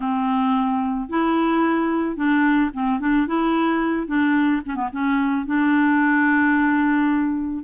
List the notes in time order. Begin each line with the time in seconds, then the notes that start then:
0.00 C4
1.09 E4
2.16 D4
2.73 C4
3.00 D4
3.27 E4
4.07 D4
4.65 C#4
4.75 B3
4.92 C#4
5.46 D4